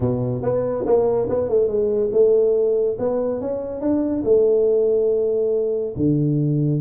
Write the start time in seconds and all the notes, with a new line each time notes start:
0.00 B2
0.42 B3
0.85 A#3
1.29 B3
1.48 A3
1.67 G#3
2.12 A3
2.98 B3
3.40 C#4
3.80 D4
4.24 A3
5.96 D3